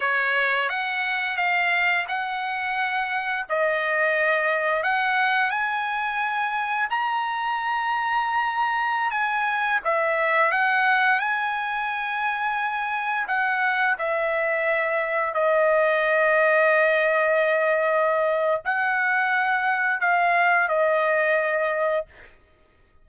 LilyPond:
\new Staff \with { instrumentName = "trumpet" } { \time 4/4 \tempo 4 = 87 cis''4 fis''4 f''4 fis''4~ | fis''4 dis''2 fis''4 | gis''2 ais''2~ | ais''4~ ais''16 gis''4 e''4 fis''8.~ |
fis''16 gis''2. fis''8.~ | fis''16 e''2 dis''4.~ dis''16~ | dis''2. fis''4~ | fis''4 f''4 dis''2 | }